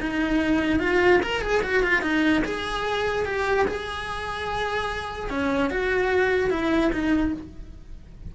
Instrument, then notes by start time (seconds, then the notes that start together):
cello
0.00 D#4
0.79 F4
1.23 A#4
1.41 G#4
1.62 F#4
1.83 F4
2.02 D#4
2.45 G#4
3.25 G4
3.67 G#4
5.29 C#4
5.70 F#4
6.50 E4
6.92 D#4